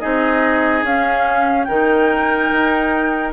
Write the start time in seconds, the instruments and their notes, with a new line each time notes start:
0.00 bassoon C4, clarinet D#4, oboe G#4, flute D#5
0.83 bassoon C#4, clarinet C#4, flute F5
1.64 bassoon D#3, clarinet D#4, oboe A#4, flute G5
2.52 bassoon D#4